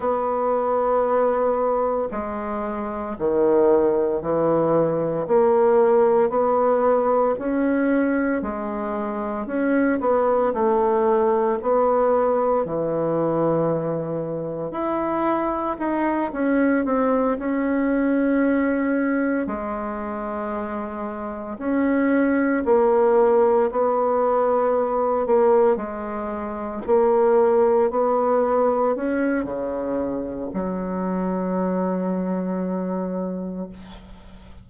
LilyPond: \new Staff \with { instrumentName = "bassoon" } { \time 4/4 \tempo 4 = 57 b2 gis4 dis4 | e4 ais4 b4 cis'4 | gis4 cis'8 b8 a4 b4 | e2 e'4 dis'8 cis'8 |
c'8 cis'2 gis4.~ | gis8 cis'4 ais4 b4. | ais8 gis4 ais4 b4 cis'8 | cis4 fis2. | }